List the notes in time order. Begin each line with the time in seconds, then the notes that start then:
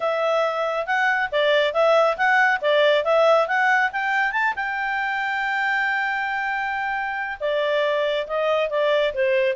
0.00 E5
0.86 F#5
1.31 D5
1.73 E5
2.17 F#5
2.61 D5
3.04 E5
3.47 F#5
3.92 G5
4.32 A5
4.55 G5
7.40 D5
8.27 D#5
8.69 D5
9.14 C5